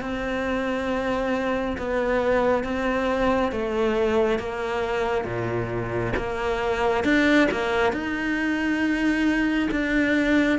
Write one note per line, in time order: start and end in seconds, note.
0.00 1.76 C4
1.77 2.63 B3
2.63 3.51 C4
3.51 4.38 A3
4.38 5.24 A#3
5.24 6.12 A#2
6.16 7.04 A#3
7.04 7.48 D4
7.51 7.92 A#3
7.92 9.69 D#4
9.71 10.58 D4